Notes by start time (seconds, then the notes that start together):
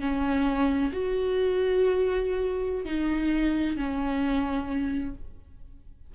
0.00 C#4
0.93 F#4
2.85 D#4
3.77 C#4